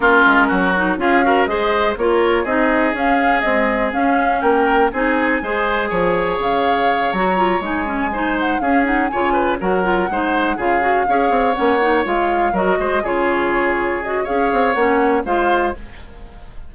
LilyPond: <<
  \new Staff \with { instrumentName = "flute" } { \time 4/4 \tempo 4 = 122 ais'2 f''4 dis''4 | cis''4 dis''4 f''4 dis''4 | f''4 g''4 gis''2~ | gis''4 f''4. ais''4 gis''8~ |
gis''4 fis''8 f''8 fis''8 gis''4 fis''8~ | fis''4. f''2 fis''8~ | fis''8 f''4 dis''4 cis''4.~ | cis''8 dis''8 f''4 fis''4 f''4 | }
  \new Staff \with { instrumentName = "oboe" } { \time 4/4 f'4 fis'4 gis'8 ais'8 c''4 | ais'4 gis'2.~ | gis'4 ais'4 gis'4 c''4 | cis''1~ |
cis''8 c''4 gis'4 cis''8 b'8 ais'8~ | ais'8 c''4 gis'4 cis''4.~ | cis''4. ais'8 c''8 gis'4.~ | gis'4 cis''2 c''4 | }
  \new Staff \with { instrumentName = "clarinet" } { \time 4/4 cis'4. dis'8 f'8 fis'8 gis'4 | f'4 dis'4 cis'4 gis4 | cis'2 dis'4 gis'4~ | gis'2~ gis'8 fis'8 f'8 dis'8 |
cis'8 dis'4 cis'8 dis'8 f'4 fis'8 | f'8 dis'4 f'8 fis'8 gis'4 cis'8 | dis'8 f'4 fis'4 f'4.~ | f'8 fis'8 gis'4 cis'4 f'4 | }
  \new Staff \with { instrumentName = "bassoon" } { \time 4/4 ais8 gis8 fis4 cis'4 gis4 | ais4 c'4 cis'4 c'4 | cis'4 ais4 c'4 gis4 | f4 cis4. fis4 gis8~ |
gis4. cis'4 cis4 fis8~ | fis8 gis4 cis4 cis'8 c'8 ais8~ | ais8 gis4 fis8 gis8 cis4.~ | cis4 cis'8 c'8 ais4 gis4 | }
>>